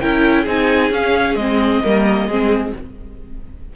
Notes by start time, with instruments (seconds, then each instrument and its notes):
0.00 cello C#4, viola E4, violin A#4 G5
0.43 cello C4, viola D#4, violin G#4 G#5
0.91 cello C#4, viola C#4, violin F5
1.35 cello G#3, viola C4, violin D#5
1.84 cello G3, viola A#3, violin A#4
2.27 cello G#3, viola C4, violin G#4